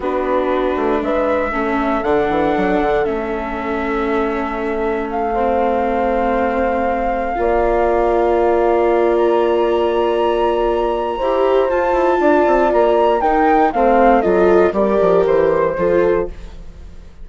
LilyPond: <<
  \new Staff \with { instrumentName = "flute" } { \time 4/4 \tempo 4 = 118 b'2 e''2 | fis''2 e''2~ | e''2 f''2~ | f''1~ |
f''2 ais''2~ | ais''2. a''4~ | a''4 ais''4 g''4 f''4 | dis''4 d''4 c''2 | }
  \new Staff \with { instrumentName = "horn" } { \time 4/4 fis'2 b'4 a'4~ | a'1~ | a'2~ a'8 c''4.~ | c''2~ c''8 d''4.~ |
d''1~ | d''2 c''2 | d''2 ais'4 c''4 | a'4 ais'2 a'4 | }
  \new Staff \with { instrumentName = "viola" } { \time 4/4 d'2. cis'4 | d'2 cis'2~ | cis'2~ cis'8 c'4.~ | c'2~ c'8 f'4.~ |
f'1~ | f'2 g'4 f'4~ | f'2 dis'4 c'4 | f'4 g'2 f'4 | }
  \new Staff \with { instrumentName = "bassoon" } { \time 4/4 b4. a8 gis4 a4 | d8 e8 fis8 d8 a2~ | a1~ | a2~ a8 ais4.~ |
ais1~ | ais2 e'4 f'8 e'8 | d'8 c'8 ais4 dis'4 a4 | fis4 g8 f8 e4 f4 | }
>>